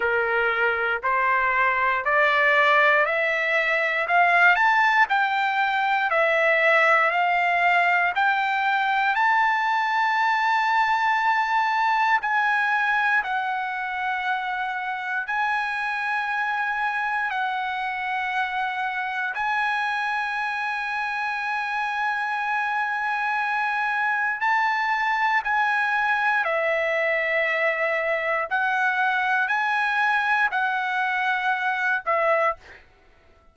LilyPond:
\new Staff \with { instrumentName = "trumpet" } { \time 4/4 \tempo 4 = 59 ais'4 c''4 d''4 e''4 | f''8 a''8 g''4 e''4 f''4 | g''4 a''2. | gis''4 fis''2 gis''4~ |
gis''4 fis''2 gis''4~ | gis''1 | a''4 gis''4 e''2 | fis''4 gis''4 fis''4. e''8 | }